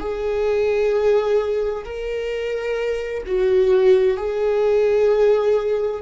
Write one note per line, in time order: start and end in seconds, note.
0.00 1.85 G#4
1.85 3.23 A#4
3.26 4.17 F#4
4.17 6.02 G#4